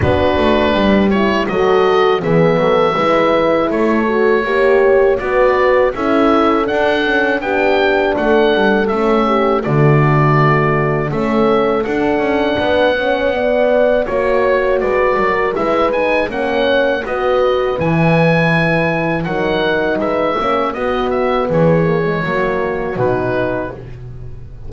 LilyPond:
<<
  \new Staff \with { instrumentName = "oboe" } { \time 4/4 \tempo 4 = 81 b'4. cis''8 dis''4 e''4~ | e''4 cis''2 d''4 | e''4 fis''4 g''4 fis''4 | e''4 d''2 e''4 |
fis''2. cis''4 | d''4 e''8 gis''8 fis''4 dis''4 | gis''2 fis''4 e''4 | dis''8 e''8 cis''2 b'4 | }
  \new Staff \with { instrumentName = "horn" } { \time 4/4 fis'4 g'4 a'4 gis'8 a'8 | b'4 a'4 cis''4 b'4 | a'2 g'4 a'4~ | a'8 g'8 fis'2 a'4~ |
a'4 b'8 cis''8 d''4 cis''4 | b'8 ais'8 b'4 cis''4 b'4~ | b'2 ais'4 b'8 cis''8 | fis'4 gis'4 fis'2 | }
  \new Staff \with { instrumentName = "horn" } { \time 4/4 d'4. e'8 fis'4 b4 | e'4. fis'8 g'4 fis'4 | e'4 d'8 cis'8 d'2 | cis'4 a2 cis'4 |
d'4. cis'8 b4 fis'4~ | fis'4 e'8 dis'8 cis'4 fis'4 | e'2 dis'4. cis'8 | b4. ais16 gis16 ais4 dis'4 | }
  \new Staff \with { instrumentName = "double bass" } { \time 4/4 b8 a8 g4 fis4 e8 fis8 | gis4 a4 ais4 b4 | cis'4 d'4 b4 a8 g8 | a4 d2 a4 |
d'8 cis'8 b2 ais4 | gis8 fis8 gis4 ais4 b4 | e2 fis4 gis8 ais8 | b4 e4 fis4 b,4 | }
>>